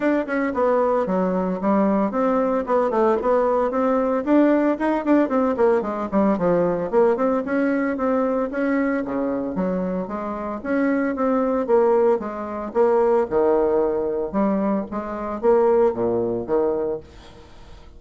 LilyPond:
\new Staff \with { instrumentName = "bassoon" } { \time 4/4 \tempo 4 = 113 d'8 cis'8 b4 fis4 g4 | c'4 b8 a8 b4 c'4 | d'4 dis'8 d'8 c'8 ais8 gis8 g8 | f4 ais8 c'8 cis'4 c'4 |
cis'4 cis4 fis4 gis4 | cis'4 c'4 ais4 gis4 | ais4 dis2 g4 | gis4 ais4 ais,4 dis4 | }